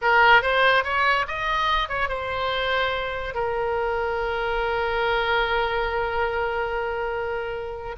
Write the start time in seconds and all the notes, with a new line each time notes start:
0.01 A#4
0.42 C5
0.84 C#5
1.27 D#5
1.89 C#5
2.08 C5
3.34 A#4